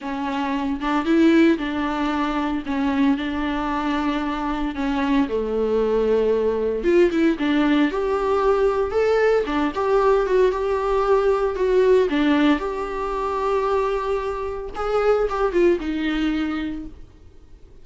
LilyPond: \new Staff \with { instrumentName = "viola" } { \time 4/4 \tempo 4 = 114 cis'4. d'8 e'4 d'4~ | d'4 cis'4 d'2~ | d'4 cis'4 a2~ | a4 f'8 e'8 d'4 g'4~ |
g'4 a'4 d'8 g'4 fis'8 | g'2 fis'4 d'4 | g'1 | gis'4 g'8 f'8 dis'2 | }